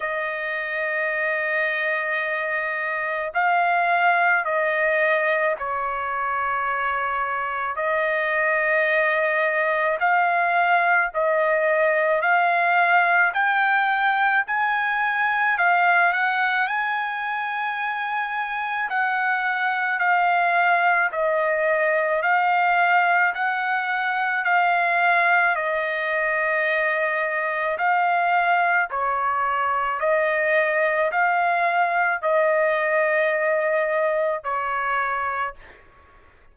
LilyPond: \new Staff \with { instrumentName = "trumpet" } { \time 4/4 \tempo 4 = 54 dis''2. f''4 | dis''4 cis''2 dis''4~ | dis''4 f''4 dis''4 f''4 | g''4 gis''4 f''8 fis''8 gis''4~ |
gis''4 fis''4 f''4 dis''4 | f''4 fis''4 f''4 dis''4~ | dis''4 f''4 cis''4 dis''4 | f''4 dis''2 cis''4 | }